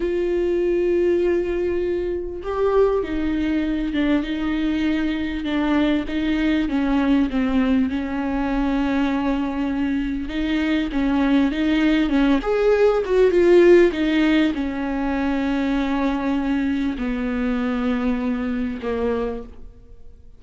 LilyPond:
\new Staff \with { instrumentName = "viola" } { \time 4/4 \tempo 4 = 99 f'1 | g'4 dis'4. d'8 dis'4~ | dis'4 d'4 dis'4 cis'4 | c'4 cis'2.~ |
cis'4 dis'4 cis'4 dis'4 | cis'8 gis'4 fis'8 f'4 dis'4 | cis'1 | b2. ais4 | }